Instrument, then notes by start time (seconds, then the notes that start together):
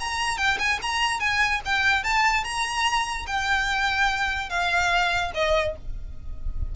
violin
0.00 A#5
0.37 G5
0.59 G#5
0.82 A#5
1.20 G#5
1.65 G5
2.03 A5
2.44 A#5
3.27 G5
4.49 F5
5.34 D#5